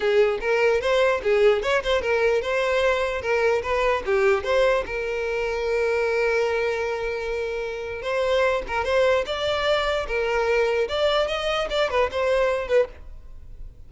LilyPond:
\new Staff \with { instrumentName = "violin" } { \time 4/4 \tempo 4 = 149 gis'4 ais'4 c''4 gis'4 | cis''8 c''8 ais'4 c''2 | ais'4 b'4 g'4 c''4 | ais'1~ |
ais'1 | c''4. ais'8 c''4 d''4~ | d''4 ais'2 d''4 | dis''4 d''8 b'8 c''4. b'8 | }